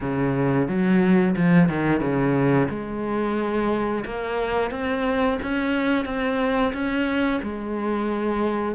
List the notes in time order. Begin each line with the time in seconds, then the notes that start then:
0.01 C#3
0.67 F#3
1.36 F3
1.68 D#3
2.00 C#3
2.69 G#3
4.05 A#3
4.70 C4
5.42 C#4
6.05 C4
6.73 C#4
7.42 G#3